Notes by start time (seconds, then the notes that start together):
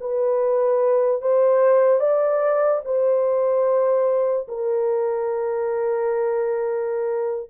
0.00 B4
1.21 C5
2.00 D5
2.85 C5
4.47 A#4